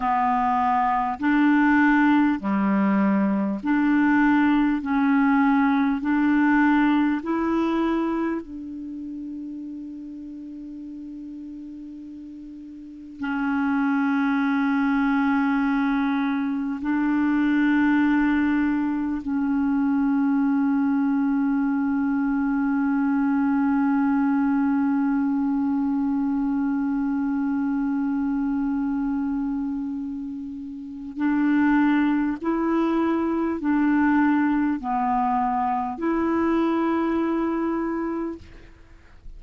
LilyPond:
\new Staff \with { instrumentName = "clarinet" } { \time 4/4 \tempo 4 = 50 b4 d'4 g4 d'4 | cis'4 d'4 e'4 d'4~ | d'2. cis'4~ | cis'2 d'2 |
cis'1~ | cis'1~ | cis'2 d'4 e'4 | d'4 b4 e'2 | }